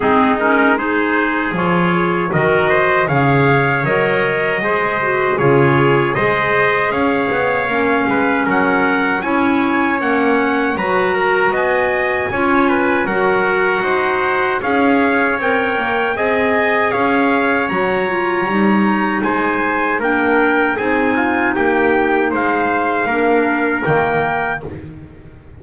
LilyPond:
<<
  \new Staff \with { instrumentName = "trumpet" } { \time 4/4 \tempo 4 = 78 gis'8 ais'8 c''4 cis''4 dis''4 | f''4 dis''2 cis''4 | dis''4 f''2 fis''4 | gis''4 fis''4 ais''4 gis''4~ |
gis''4 fis''2 f''4 | g''4 gis''4 f''4 ais''4~ | ais''4 gis''4 g''4 gis''4 | g''4 f''2 g''4 | }
  \new Staff \with { instrumentName = "trumpet" } { \time 4/4 dis'4 gis'2 ais'8 c''8 | cis''2 c''4 gis'4 | c''4 cis''4. b'8 ais'4 | cis''2 b'8 ais'8 dis''4 |
cis''8 b'8 ais'4 c''4 cis''4~ | cis''4 dis''4 cis''2~ | cis''4 c''4 ais'4 gis'8 f'8 | g'4 c''4 ais'2 | }
  \new Staff \with { instrumentName = "clarinet" } { \time 4/4 c'8 cis'8 dis'4 f'4 fis'4 | gis'4 ais'4 gis'8 fis'8 f'4 | gis'2 cis'2 | e'4 cis'4 fis'2 |
f'4 fis'2 gis'4 | ais'4 gis'2 fis'8 f'8 | dis'2 d'4 dis'4~ | dis'2 d'4 ais4 | }
  \new Staff \with { instrumentName = "double bass" } { \time 4/4 gis2 f4 dis4 | cis4 fis4 gis4 cis4 | gis4 cis'8 b8 ais8 gis8 fis4 | cis'4 ais4 fis4 b4 |
cis'4 fis4 dis'4 cis'4 | c'8 ais8 c'4 cis'4 fis4 | g4 gis4 ais4 c'4 | ais4 gis4 ais4 dis4 | }
>>